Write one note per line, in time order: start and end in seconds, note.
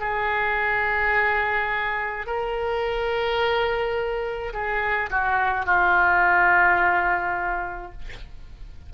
0.00 2.26 G#4
2.26 4.53 A#4
4.53 5.10 G#4
5.10 5.66 F#4
5.66 7.92 F4